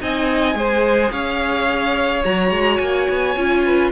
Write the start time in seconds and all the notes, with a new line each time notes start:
0.00 C4 D#4 D#5 G#5
0.54 G#3 G#4 C5
1.11 C#4 C#5 F5
2.24 F#3 F#4 A#5
2.51 G#3
2.77 A#3 G#5
3.09 B3
3.36 C#4 F4
3.65 B4